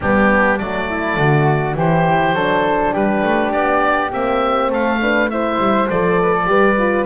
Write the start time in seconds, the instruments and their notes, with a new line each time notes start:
0.00 double bass G3, horn B3, flute D4, oboe G4
0.58 double bass F#3, horn A3, oboe D5
0.89 flute E4
1.16 double bass D3, flute F#4
1.74 double bass E3, horn E4, flute G4, oboe C5
2.32 double bass F#3, horn D4, flute A4
2.93 double bass G3, flute G4, oboe B4
3.23 double bass A3
3.52 double bass B3, oboe D5
4.10 double bass A#3, horn C4, oboe E5
4.69 double bass A3, flute A4, oboe F5
5.01 horn D4, flute B4
5.29 horn E4, flute C5, oboe E5
5.58 double bass G3
5.89 double bass F3, horn A4, oboe D5
6.21 flute B4
6.33 flute A4
6.45 double bass G3, horn G4, flute B4
6.77 horn F4